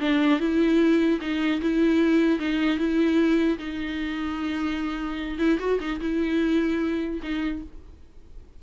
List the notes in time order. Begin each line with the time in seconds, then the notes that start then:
0.00 D4
0.39 E4
1.21 D#4
1.61 E4
2.39 D#4
2.78 E4
3.58 D#4
5.38 E4
5.59 F#4
5.80 D#4
6.00 E4
7.22 D#4